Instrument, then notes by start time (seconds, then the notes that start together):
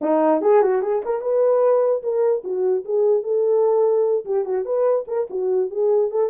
horn
0.01 D#4
0.41 G#4
0.61 F#4
0.82 G#4
1.05 A#4
1.21 B4
2.02 A#4
2.43 F#4
2.85 G#4
3.23 A4
4.25 G4
4.45 F#4
4.65 B4
5.07 A#4
5.30 F#4
5.70 G#4
6.10 A4